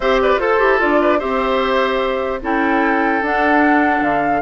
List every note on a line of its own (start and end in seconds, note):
0.00 0.36 C4
0.00 0.39 G4
0.00 0.20 C5
0.00 0.18 E5
0.22 0.40 B4
0.22 0.38 D5
0.36 0.56 F4
0.36 0.59 A4
0.36 1.01 A4
0.36 0.79 C5
0.59 0.82 E4
0.59 0.79 G4
0.79 1.22 D4
0.79 1.19 F4
0.79 1.19 D5
1.01 1.18 B4
1.18 2.42 C4
1.18 2.40 G4
1.18 2.39 C5
1.18 2.40 E5
2.41 3.21 C#4
2.41 3.22 E4
2.41 4.41 A4
2.41 3.24 G5
3.21 4.01 D4
3.21 4.41 D4
3.21 4.03 F#5
4.01 4.41 D3
4.01 4.41 F5